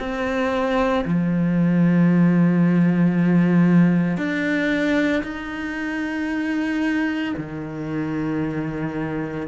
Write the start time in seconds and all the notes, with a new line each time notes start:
0.00 C4
1.06 F3
4.18 D4
5.24 D#4
7.37 D#3